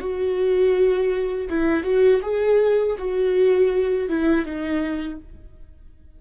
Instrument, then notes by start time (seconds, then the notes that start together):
viola
0.00 F#4
1.49 E4
1.83 F#4
2.22 G#4
2.98 F#4
4.09 E4
4.45 D#4